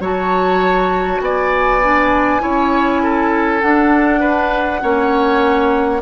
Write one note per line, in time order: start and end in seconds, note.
0.00 1.20 F#3
0.00 1.82 F#4
0.00 1.21 C#5
0.00 1.22 A5
1.21 2.41 B3
1.21 2.42 D5
1.21 3.61 G#5
1.82 2.40 D4
2.40 3.64 C#4
2.40 3.60 E4
2.40 3.02 C#5
3.03 4.21 A4
3.61 4.82 D4
3.61 4.83 D4
3.61 6.01 F#5
4.21 4.80 B4
4.82 6.02 A#3
4.82 6.02 C#4
4.82 6.02 C#5